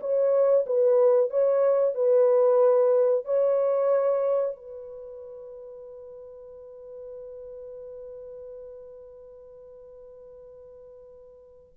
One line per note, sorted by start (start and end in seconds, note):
0.00 0.65 C#5
0.66 1.30 B4
1.30 1.94 C#5
1.94 3.25 B4
3.25 4.55 C#5
4.56 11.73 B4